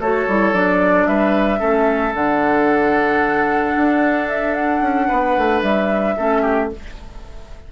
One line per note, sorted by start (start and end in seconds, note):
0.00 0.27 A3
0.00 0.30 F#4
0.00 1.08 A4
0.00 0.54 C#5
0.28 0.54 G3
0.28 0.54 E4
0.54 1.07 F#3
0.54 1.59 D4
0.54 1.07 D5
1.07 1.60 G3
1.07 1.60 B4
1.07 2.14 E5
1.59 2.15 A3
1.59 2.13 C#4
1.59 5.08 A4
2.15 3.75 D3
2.15 6.17 D4
2.15 4.29 F#5
3.77 4.82 D4
4.29 4.55 E5
4.55 5.62 F#5
4.82 5.08 C#4
5.08 5.37 B3
5.08 6.16 B4
5.37 5.63 A3
5.63 6.16 G3
5.63 6.70 E5
6.17 6.72 A3
6.17 6.71 C#4
6.17 6.42 A4
6.42 6.69 G4